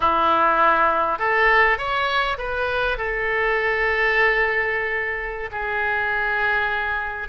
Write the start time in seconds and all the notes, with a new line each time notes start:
0.00 E4
1.19 A4
1.77 C#5
2.38 B4
2.97 A4
5.51 G#4